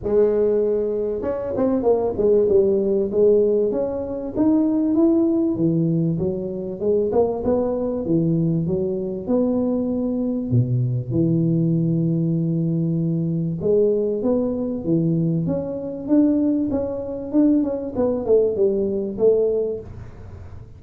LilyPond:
\new Staff \with { instrumentName = "tuba" } { \time 4/4 \tempo 4 = 97 gis2 cis'8 c'8 ais8 gis8 | g4 gis4 cis'4 dis'4 | e'4 e4 fis4 gis8 ais8 | b4 e4 fis4 b4~ |
b4 b,4 e2~ | e2 gis4 b4 | e4 cis'4 d'4 cis'4 | d'8 cis'8 b8 a8 g4 a4 | }